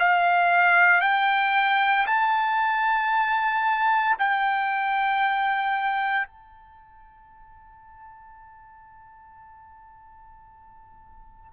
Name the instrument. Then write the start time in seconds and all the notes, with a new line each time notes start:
trumpet
0.00 F5
1.01 G5
2.07 A5
4.19 G5
6.28 A5